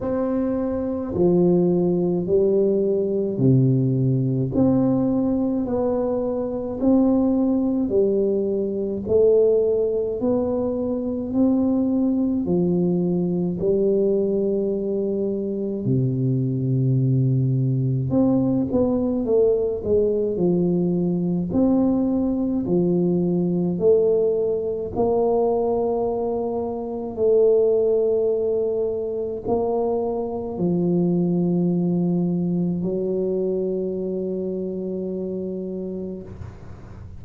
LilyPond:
\new Staff \with { instrumentName = "tuba" } { \time 4/4 \tempo 4 = 53 c'4 f4 g4 c4 | c'4 b4 c'4 g4 | a4 b4 c'4 f4 | g2 c2 |
c'8 b8 a8 gis8 f4 c'4 | f4 a4 ais2 | a2 ais4 f4~ | f4 fis2. | }